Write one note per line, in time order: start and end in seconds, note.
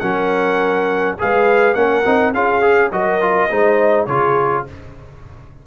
0.00 1.18 F#3
0.00 1.18 C#4
0.00 1.18 A#4
0.00 1.15 F#5
1.19 1.75 G#3
1.19 1.76 G#4
1.19 1.77 B4
1.19 1.75 F5
1.75 2.04 A#3
1.75 2.05 C#4
1.75 2.34 A#4
1.75 2.33 F#5
2.06 2.34 C4
2.06 2.34 D#4
2.34 2.92 C#4
2.34 2.62 F4
2.34 2.91 G#4
2.34 2.92 F5
2.62 2.91 G#4
2.92 3.49 F#3
2.92 3.21 F#4
2.92 3.50 A#4
2.92 4.06 D#5
3.21 3.50 F4
3.50 4.08 G#3
3.50 4.08 D#4
3.50 4.07 C5
4.06 4.65 C#3
4.06 4.67 F4
4.06 4.65 G#4
4.06 4.64 C#5